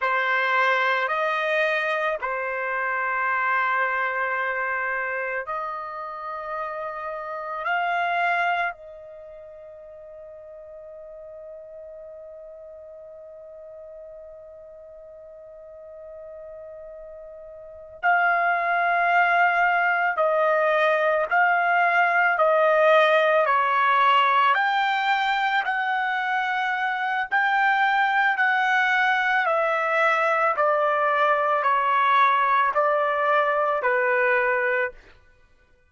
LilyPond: \new Staff \with { instrumentName = "trumpet" } { \time 4/4 \tempo 4 = 55 c''4 dis''4 c''2~ | c''4 dis''2 f''4 | dis''1~ | dis''1~ |
dis''8 f''2 dis''4 f''8~ | f''8 dis''4 cis''4 g''4 fis''8~ | fis''4 g''4 fis''4 e''4 | d''4 cis''4 d''4 b'4 | }